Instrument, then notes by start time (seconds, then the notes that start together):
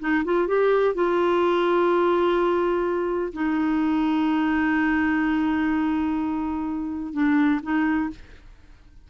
clarinet
0.00 D#4
0.25 F4
0.48 G4
0.95 F4
3.33 D#4
7.13 D4
7.63 D#4